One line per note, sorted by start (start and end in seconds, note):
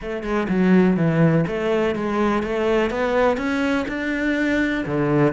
0.01 0.23 A3
0.23 0.47 G#3
0.48 0.97 F#3
0.97 1.45 E3
1.47 1.95 A3
1.95 2.43 G#3
2.43 2.90 A3
2.90 3.37 B3
3.37 3.85 C#4
3.88 4.84 D4
4.86 5.32 D3